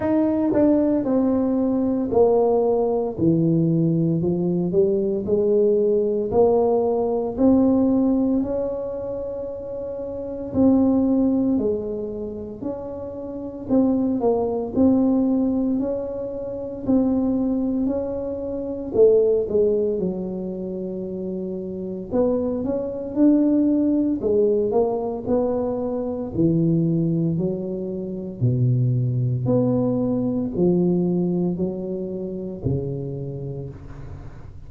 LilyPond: \new Staff \with { instrumentName = "tuba" } { \time 4/4 \tempo 4 = 57 dis'8 d'8 c'4 ais4 e4 | f8 g8 gis4 ais4 c'4 | cis'2 c'4 gis4 | cis'4 c'8 ais8 c'4 cis'4 |
c'4 cis'4 a8 gis8 fis4~ | fis4 b8 cis'8 d'4 gis8 ais8 | b4 e4 fis4 b,4 | b4 f4 fis4 cis4 | }